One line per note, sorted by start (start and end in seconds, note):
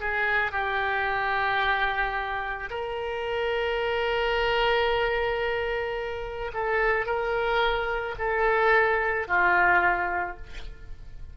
0.00 0.52 G#4
0.52 2.70 G4
2.70 6.52 A#4
6.54 7.06 A4
7.06 8.15 A#4
8.19 9.28 A4
9.28 10.37 F4